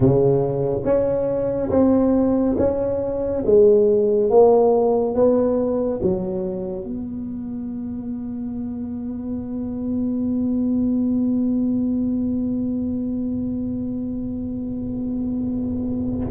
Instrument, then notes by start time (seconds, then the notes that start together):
tuba
0.00 C#3
0.84 C#4
1.70 C4
2.58 C#4
3.45 G#3
4.30 A#3
5.14 B3
6.02 F#3
6.83 B3